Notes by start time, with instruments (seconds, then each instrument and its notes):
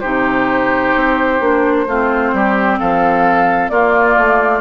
0.00 bassoon C3, clarinet D#4, oboe G4, flute C5
0.95 bassoon C4
1.40 bassoon A#3, clarinet D4
1.86 bassoon A3, clarinet C4, oboe F4
2.33 bassoon G3, oboe G4
2.79 bassoon F3, oboe A4, flute F5
3.69 bassoon A#3, clarinet A#3, oboe F4, flute D5
4.17 bassoon A3